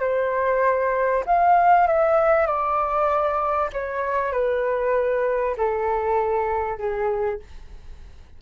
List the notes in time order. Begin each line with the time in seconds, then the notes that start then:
0.00 C5
1.26 F5
1.87 E5
2.46 D5
3.73 C#5
4.32 B4
5.57 A4
6.78 G#4